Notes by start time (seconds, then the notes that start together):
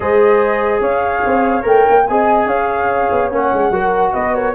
0.00 G#3 G#4 C5 D#5
0.80 C#4 C#5 F5
1.25 C4
1.62 A3 A#4 G5
1.89 A#3
2.06 C4 G#4 D#5 G#5
2.45 C#4 C#5 F5
3.11 B3
3.31 A#3 C#4 F#5
3.52 G#3
3.70 F#3 F#4 A#4
4.12 B3 B4 D#5
4.34 A#4 C#5